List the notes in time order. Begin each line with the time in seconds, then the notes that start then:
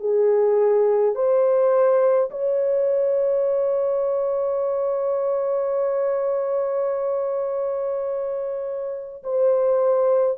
0.00 G#4
1.15 C5
2.31 C#5
9.24 C5